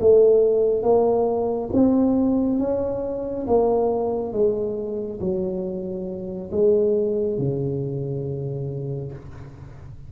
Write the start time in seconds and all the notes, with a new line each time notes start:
0.00 A3
0.82 A#3
1.73 C4
2.59 C#4
3.47 A#3
4.32 G#3
5.20 F#3
6.51 G#3
7.38 C#3